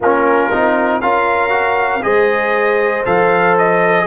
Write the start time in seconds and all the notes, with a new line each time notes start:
0.00 A#3 C#4 F4 A#4
0.51 C4 D#4
1.01 C#4 F4 A#4 F5
1.49 F#4
2.02 G#3 G#4 C5 D#5
3.05 F3 A4 F5
3.58 D#5